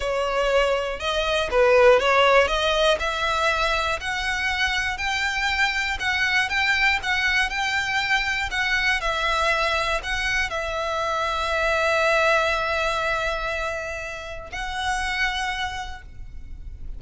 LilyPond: \new Staff \with { instrumentName = "violin" } { \time 4/4 \tempo 4 = 120 cis''2 dis''4 b'4 | cis''4 dis''4 e''2 | fis''2 g''2 | fis''4 g''4 fis''4 g''4~ |
g''4 fis''4 e''2 | fis''4 e''2.~ | e''1~ | e''4 fis''2. | }